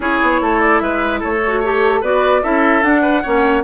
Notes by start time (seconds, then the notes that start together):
0.00 C#4 E4 G#4 C#5
0.21 B3
0.41 A3 A4
0.60 D5
0.79 G#3 B4 E5
1.19 A3 A4 C#5
1.46 F#4
1.60 G4 A4 C#5
2.01 B3 F#4 B4 D5
2.42 C#4 E4 A4 E5
2.82 D4 F#5
3.01 B4
3.22 A#3 C#4 C#5